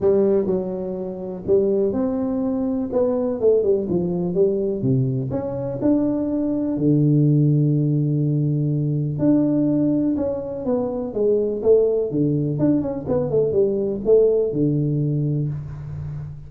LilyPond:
\new Staff \with { instrumentName = "tuba" } { \time 4/4 \tempo 4 = 124 g4 fis2 g4 | c'2 b4 a8 g8 | f4 g4 c4 cis'4 | d'2 d2~ |
d2. d'4~ | d'4 cis'4 b4 gis4 | a4 d4 d'8 cis'8 b8 a8 | g4 a4 d2 | }